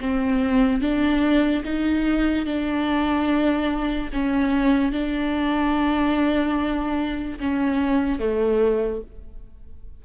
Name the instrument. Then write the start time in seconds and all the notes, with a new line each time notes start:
viola
0.00 C4
0.81 D4
1.64 D#4
2.45 D4
4.12 C#4
4.92 D4
7.39 C#4
8.19 A3